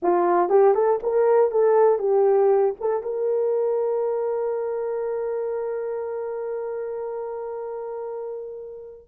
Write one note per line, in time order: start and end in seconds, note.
0.02 0.49 F4
0.49 0.74 G4
0.74 0.99 A4
1.02 1.51 A#4
1.51 1.98 A4
1.98 2.74 G4
2.80 3.02 A4
3.02 9.07 A#4